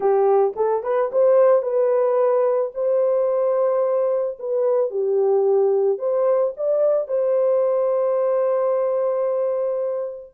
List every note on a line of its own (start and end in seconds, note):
0.00 0.53 G4
0.56 0.83 A4
0.83 1.10 B4
1.12 1.62 C5
1.62 2.71 B4
2.74 4.38 C5
4.39 4.90 B4
4.90 5.98 G4
5.98 6.53 C5
6.56 7.07 D5
7.07 10.33 C5